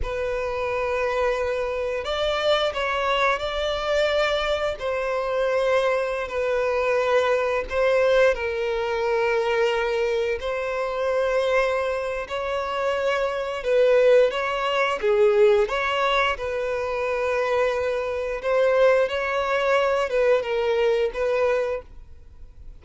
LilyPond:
\new Staff \with { instrumentName = "violin" } { \time 4/4 \tempo 4 = 88 b'2. d''4 | cis''4 d''2 c''4~ | c''4~ c''16 b'2 c''8.~ | c''16 ais'2. c''8.~ |
c''2 cis''2 | b'4 cis''4 gis'4 cis''4 | b'2. c''4 | cis''4. b'8 ais'4 b'4 | }